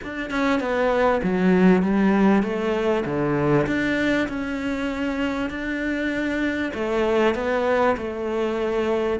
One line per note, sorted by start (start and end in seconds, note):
0.03 0.30 D4
0.30 0.60 C#4
0.60 1.21 B3
1.23 1.82 F#3
1.82 2.42 G3
2.42 3.04 A3
3.05 3.66 D3
3.67 4.28 D4
4.28 5.50 C#4
5.50 6.72 D4
6.73 7.35 A3
7.35 7.96 B3
7.97 9.19 A3